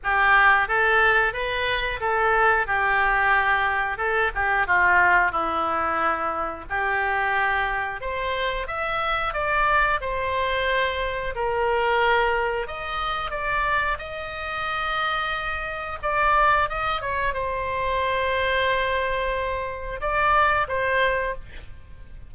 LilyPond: \new Staff \with { instrumentName = "oboe" } { \time 4/4 \tempo 4 = 90 g'4 a'4 b'4 a'4 | g'2 a'8 g'8 f'4 | e'2 g'2 | c''4 e''4 d''4 c''4~ |
c''4 ais'2 dis''4 | d''4 dis''2. | d''4 dis''8 cis''8 c''2~ | c''2 d''4 c''4 | }